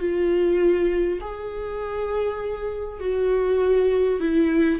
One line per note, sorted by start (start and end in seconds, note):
0.00 1.20 F4
1.21 3.00 G#4
3.00 4.20 F#4
4.20 4.80 E4